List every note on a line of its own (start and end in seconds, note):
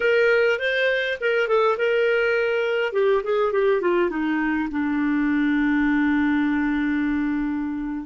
0.00 0.59 A#4
0.59 1.18 C5
1.20 1.48 A#4
1.48 1.77 A4
1.77 2.93 A#4
2.93 3.22 G4
3.23 3.52 G#4
3.52 3.81 G4
3.81 4.10 F4
4.10 4.68 D#4
4.71 8.06 D4